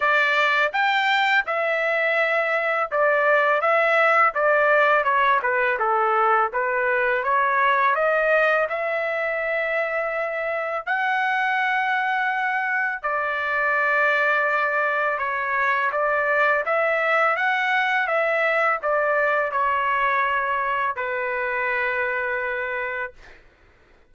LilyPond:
\new Staff \with { instrumentName = "trumpet" } { \time 4/4 \tempo 4 = 83 d''4 g''4 e''2 | d''4 e''4 d''4 cis''8 b'8 | a'4 b'4 cis''4 dis''4 | e''2. fis''4~ |
fis''2 d''2~ | d''4 cis''4 d''4 e''4 | fis''4 e''4 d''4 cis''4~ | cis''4 b'2. | }